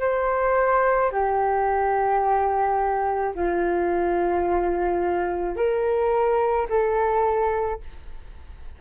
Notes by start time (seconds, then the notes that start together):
0.00 C5
1.11 G4
3.35 F4
5.56 A#4
6.69 A4